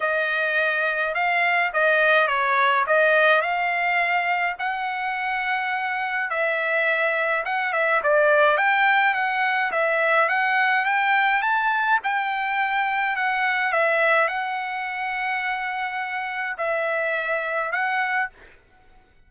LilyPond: \new Staff \with { instrumentName = "trumpet" } { \time 4/4 \tempo 4 = 105 dis''2 f''4 dis''4 | cis''4 dis''4 f''2 | fis''2. e''4~ | e''4 fis''8 e''8 d''4 g''4 |
fis''4 e''4 fis''4 g''4 | a''4 g''2 fis''4 | e''4 fis''2.~ | fis''4 e''2 fis''4 | }